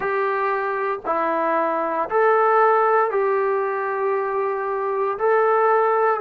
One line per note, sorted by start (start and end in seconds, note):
0.00 0.99 G4
1.05 2.09 E4
2.09 3.10 A4
3.10 5.17 G4
5.18 6.20 A4